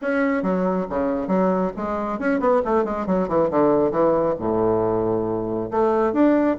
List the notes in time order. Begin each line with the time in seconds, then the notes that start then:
0.01 C#4
0.42 F#3
0.89 C#3
1.27 F#3
1.76 G#3
2.19 C#4
2.39 B3
2.64 A3
2.84 G#3
3.06 F#3
3.28 E3
3.50 D3
3.91 E3
4.39 A2
5.70 A3
6.13 D4